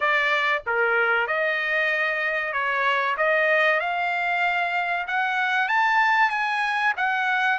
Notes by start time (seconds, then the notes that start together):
0.00 D5
0.66 A#4
1.27 D#5
2.52 C#5
3.17 D#5
3.80 F5
5.07 F#5
5.68 A5
6.30 G#5
6.96 F#5